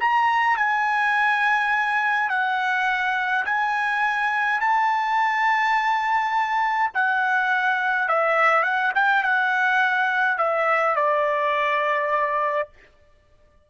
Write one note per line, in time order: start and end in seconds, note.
0.00 0.57 A#5
0.57 2.29 G#5
2.29 3.45 F#5
3.46 4.60 G#5
4.60 6.91 A5
6.94 8.08 F#5
8.08 8.63 E5
8.63 8.92 F#5
8.95 9.23 G5
9.23 10.38 F#5
10.38 10.96 E5
10.96 12.69 D5